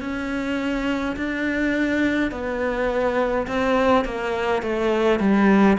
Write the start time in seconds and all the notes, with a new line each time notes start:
0.00 C#4
1.16 D4
2.31 B3
3.47 C4
4.04 A#3
4.62 A3
5.19 G3